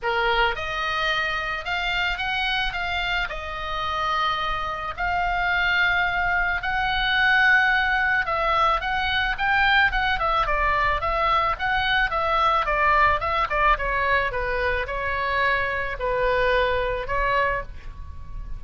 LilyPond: \new Staff \with { instrumentName = "oboe" } { \time 4/4 \tempo 4 = 109 ais'4 dis''2 f''4 | fis''4 f''4 dis''2~ | dis''4 f''2. | fis''2. e''4 |
fis''4 g''4 fis''8 e''8 d''4 | e''4 fis''4 e''4 d''4 | e''8 d''8 cis''4 b'4 cis''4~ | cis''4 b'2 cis''4 | }